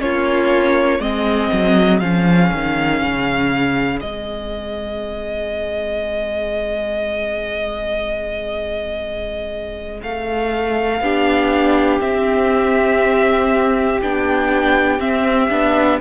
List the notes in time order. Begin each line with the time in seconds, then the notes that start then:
0.00 A#3 C#4 F4 C#5
1.00 G#3 C4 G#4 D#5
1.53 F#3
2.00 F3 C#4 F5
2.53 D#3
3.02 C#3
4.00 G#3 C4 D#5
10.03 A3 F5
11.01 B3 D4 G4
12.01 C4 E5
14.03 B3 D4 G5
15.00 C4 E5
15.50 B3 D4